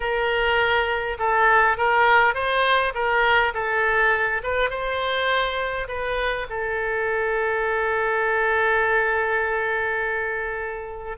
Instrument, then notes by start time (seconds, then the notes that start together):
oboe
0.00 A#4
1.18 A4
1.77 A#4
2.34 C5
2.94 A#4
3.53 A4
4.43 B4
4.70 C5
5.88 B4
6.49 A4